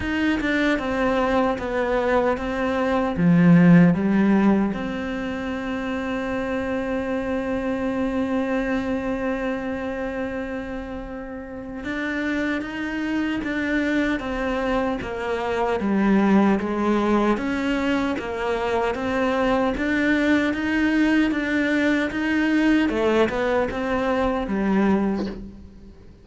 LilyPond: \new Staff \with { instrumentName = "cello" } { \time 4/4 \tempo 4 = 76 dis'8 d'8 c'4 b4 c'4 | f4 g4 c'2~ | c'1~ | c'2. d'4 |
dis'4 d'4 c'4 ais4 | g4 gis4 cis'4 ais4 | c'4 d'4 dis'4 d'4 | dis'4 a8 b8 c'4 g4 | }